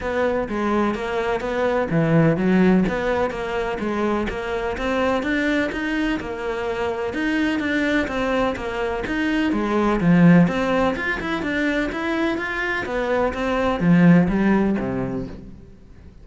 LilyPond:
\new Staff \with { instrumentName = "cello" } { \time 4/4 \tempo 4 = 126 b4 gis4 ais4 b4 | e4 fis4 b4 ais4 | gis4 ais4 c'4 d'4 | dis'4 ais2 dis'4 |
d'4 c'4 ais4 dis'4 | gis4 f4 c'4 f'8 e'8 | d'4 e'4 f'4 b4 | c'4 f4 g4 c4 | }